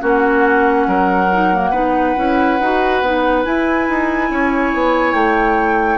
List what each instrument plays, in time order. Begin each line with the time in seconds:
0.00 bassoon A#3, clarinet C#4, oboe F#4, flute F#5
0.87 bassoon F#3, oboe A#4
1.32 clarinet D#4
1.53 clarinet A#3
1.71 bassoon B3, clarinet D#4, oboe B4
2.16 bassoon C#4, clarinet E4
2.60 bassoon D#4, clarinet F#4
3.01 bassoon B3, clarinet D#4
3.44 clarinet E4, bassoon E4, flute G#5
3.89 bassoon D#4
4.31 bassoon C#4, oboe C#5
4.74 bassoon B3
5.14 bassoon A3, flute G5